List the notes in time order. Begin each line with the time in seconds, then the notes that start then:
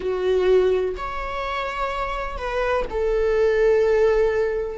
0.00 F#4
0.96 C#5
2.37 B4
2.90 A4